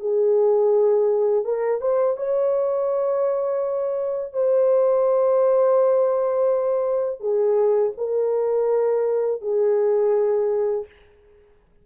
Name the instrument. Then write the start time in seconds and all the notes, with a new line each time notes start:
horn
0.00 G#4
1.45 A#4
1.81 C5
2.17 C#5
4.33 C5
7.20 G#4
7.97 A#4
9.41 G#4